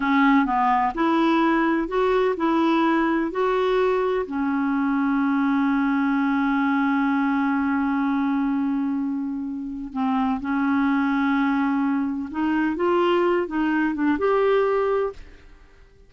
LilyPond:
\new Staff \with { instrumentName = "clarinet" } { \time 4/4 \tempo 4 = 127 cis'4 b4 e'2 | fis'4 e'2 fis'4~ | fis'4 cis'2.~ | cis'1~ |
cis'1~ | cis'4 c'4 cis'2~ | cis'2 dis'4 f'4~ | f'8 dis'4 d'8 g'2 | }